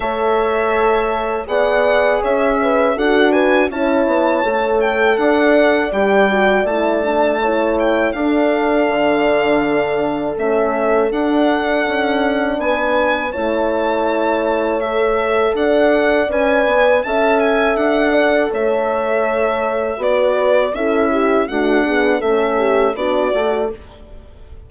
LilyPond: <<
  \new Staff \with { instrumentName = "violin" } { \time 4/4 \tempo 4 = 81 e''2 fis''4 e''4 | fis''8 gis''8 a''4. g''8 fis''4 | g''4 a''4. g''8 f''4~ | f''2 e''4 fis''4~ |
fis''4 gis''4 a''2 | e''4 fis''4 gis''4 a''8 gis''8 | fis''4 e''2 d''4 | e''4 fis''4 e''4 d''4 | }
  \new Staff \with { instrumentName = "horn" } { \time 4/4 cis''2 d''4 cis''8 b'8 | a'8 b'8 cis''2 d''4~ | d''2 cis''4 a'4~ | a'1~ |
a'4 b'4 cis''2~ | cis''4 d''2 e''4~ | e''8 d''8 cis''2 b'4 | a'8 g'8 fis'8 gis'8 a'8 g'8 fis'4 | }
  \new Staff \with { instrumentName = "horn" } { \time 4/4 a'2 gis'2 | fis'4 e'4 a'2 | g'8 fis'8 e'8 d'8 e'4 d'4~ | d'2 cis'4 d'4~ |
d'2 e'2 | a'2 b'4 a'4~ | a'2. fis'4 | e'4 a8 b8 cis'4 d'8 fis'8 | }
  \new Staff \with { instrumentName = "bassoon" } { \time 4/4 a2 b4 cis'4 | d'4 cis'8 b8 a4 d'4 | g4 a2 d'4 | d2 a4 d'4 |
cis'4 b4 a2~ | a4 d'4 cis'8 b8 cis'4 | d'4 a2 b4 | cis'4 d'4 a4 b8 a8 | }
>>